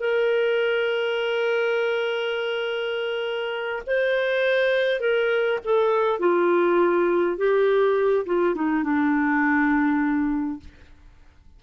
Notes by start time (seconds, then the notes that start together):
0.00 A#4
3.86 C5
5.00 A#4
5.64 A4
6.19 F4
7.37 G4
8.26 F4
8.55 D#4
8.83 D4